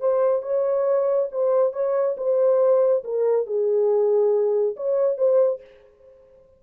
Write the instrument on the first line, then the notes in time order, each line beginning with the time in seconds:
horn
0.00 C5
0.43 C#5
1.32 C5
1.73 C#5
2.18 C5
3.04 A#4
3.46 G#4
4.77 C#5
5.18 C5